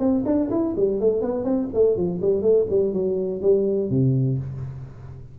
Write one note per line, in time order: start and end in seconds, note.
0.00 0.24 C4
0.26 0.50 D4
0.50 0.75 E4
0.77 1.01 G3
1.01 1.22 A3
1.22 1.44 B3
1.44 1.68 C4
1.74 1.97 A3
1.97 2.21 F3
2.22 2.42 G3
2.42 2.66 A3
2.70 2.93 G3
2.93 3.42 F#3
3.42 3.90 G3
3.90 4.39 C3